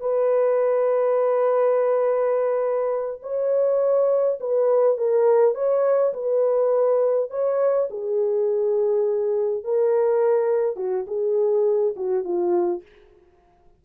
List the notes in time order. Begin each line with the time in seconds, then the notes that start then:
0.00 B4
3.22 C#5
4.40 B4
4.97 A#4
5.54 C#5
6.13 B4
7.30 C#5
7.90 G#4
9.64 A#4
10.76 F#4
11.07 G#4
11.96 F#4
12.24 F4